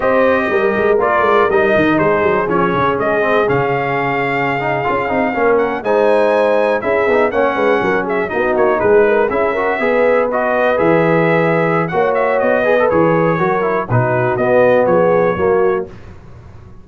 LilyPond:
<<
  \new Staff \with { instrumentName = "trumpet" } { \time 4/4 \tempo 4 = 121 dis''2 d''4 dis''4 | c''4 cis''4 dis''4 f''4~ | f''2.~ f''16 fis''8 gis''16~ | gis''4.~ gis''16 e''4 fis''4~ fis''16~ |
fis''16 e''8 dis''8 cis''8 b'4 e''4~ e''16~ | e''8. dis''4 e''2~ e''16 | fis''8 e''8 dis''4 cis''2 | b'4 dis''4 cis''2 | }
  \new Staff \with { instrumentName = "horn" } { \time 4/4 c''4 ais'2. | gis'1~ | gis'2~ gis'8. ais'4 c''16~ | c''4.~ c''16 gis'4 cis''8 b'8 ais'16~ |
ais'16 gis'8 fis'4 gis'8 ais'8 gis'8 ais'8 b'16~ | b'1 | cis''4. b'4. ais'4 | fis'2 gis'4 fis'4 | }
  \new Staff \with { instrumentName = "trombone" } { \time 4/4 g'2 f'4 dis'4~ | dis'4 cis'4. c'8 cis'4~ | cis'4~ cis'16 dis'8 f'8 dis'8 cis'4 dis'16~ | dis'4.~ dis'16 e'8 dis'8 cis'4~ cis'16~ |
cis'8. dis'2 e'8 fis'8 gis'16~ | gis'8. fis'4 gis'2~ gis'16 | fis'4. gis'16 a'16 gis'4 fis'8 e'8 | dis'4 b2 ais4 | }
  \new Staff \with { instrumentName = "tuba" } { \time 4/4 c'4 g8 gis8 ais8 gis8 g8 dis8 | gis8 fis8 f8 cis8 gis4 cis4~ | cis4.~ cis16 cis'8 c'8 ais4 gis16~ | gis4.~ gis16 cis'8 b8 ais8 gis8 fis16~ |
fis8. b8 ais8 gis4 cis'4 b16~ | b4.~ b16 e2~ e16 | ais4 b4 e4 fis4 | b,4 b4 f4 fis4 | }
>>